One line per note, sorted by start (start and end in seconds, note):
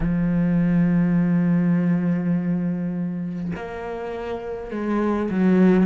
0.00 3.52 F3
3.55 4.71 A#3
4.71 5.29 G#3
5.30 5.86 F#3